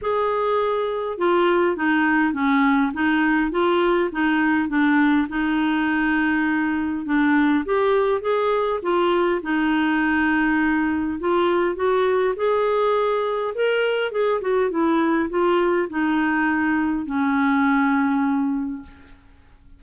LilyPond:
\new Staff \with { instrumentName = "clarinet" } { \time 4/4 \tempo 4 = 102 gis'2 f'4 dis'4 | cis'4 dis'4 f'4 dis'4 | d'4 dis'2. | d'4 g'4 gis'4 f'4 |
dis'2. f'4 | fis'4 gis'2 ais'4 | gis'8 fis'8 e'4 f'4 dis'4~ | dis'4 cis'2. | }